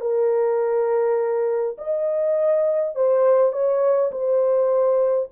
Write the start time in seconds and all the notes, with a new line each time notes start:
0.00 A#4
1.78 D#5
2.95 C5
3.52 C#5
4.11 C5